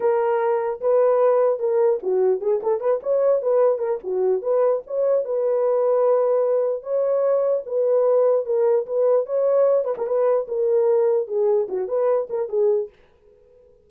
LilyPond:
\new Staff \with { instrumentName = "horn" } { \time 4/4 \tempo 4 = 149 ais'2 b'2 | ais'4 fis'4 gis'8 a'8 b'8 cis''8~ | cis''8 b'4 ais'8 fis'4 b'4 | cis''4 b'2.~ |
b'4 cis''2 b'4~ | b'4 ais'4 b'4 cis''4~ | cis''8 b'16 ais'16 b'4 ais'2 | gis'4 fis'8 b'4 ais'8 gis'4 | }